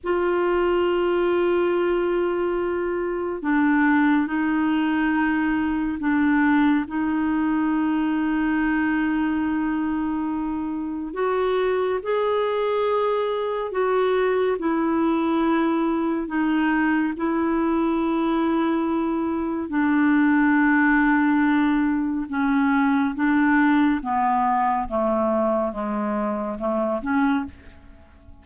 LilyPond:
\new Staff \with { instrumentName = "clarinet" } { \time 4/4 \tempo 4 = 70 f'1 | d'4 dis'2 d'4 | dis'1~ | dis'4 fis'4 gis'2 |
fis'4 e'2 dis'4 | e'2. d'4~ | d'2 cis'4 d'4 | b4 a4 gis4 a8 cis'8 | }